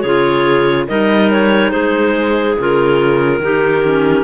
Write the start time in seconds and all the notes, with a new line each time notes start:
0.00 C#3 F4 G#4 C#5
0.87 G3 D#4 A#4 D#5
1.31 C#5
1.70 G#3 G#4 C5
2.58 C#3 F4 A#4
3.39 D#3 D#4 G4
3.84 C#4